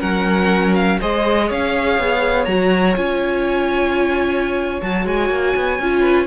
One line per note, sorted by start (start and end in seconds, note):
0.00 1.00 F#3
0.00 0.99 C#4
0.00 0.99 A#4
0.00 0.74 F#5
0.75 0.99 F5
1.00 1.50 G#3
1.00 2.48 G#4
1.00 1.48 C5
1.00 1.50 D#5
1.48 1.98 C#4
1.48 6.00 C#5
1.48 2.45 F5
1.98 2.47 B3
2.45 2.96 F#3
2.45 2.96 F#4
2.45 2.94 A#5
2.96 4.81 C#4
2.96 4.80 F4
2.96 4.81 G#5
4.81 5.05 F#3
4.81 5.80 F#4
4.81 5.06 A5
5.05 5.29 G#3
5.05 6.27 G#5
5.29 5.54 A#3
5.56 5.79 B3
5.79 6.27 C#4
5.79 6.27 F4
6.00 6.24 B4